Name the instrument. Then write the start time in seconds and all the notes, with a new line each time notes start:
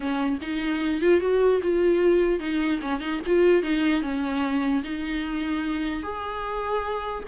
viola
0.00 C#4
0.41 D#4
1.01 F4
1.20 F#4
1.62 F4
2.39 D#4
2.81 C#4
3.00 D#4
3.26 F4
3.63 D#4
4.02 C#4
4.83 D#4
6.02 G#4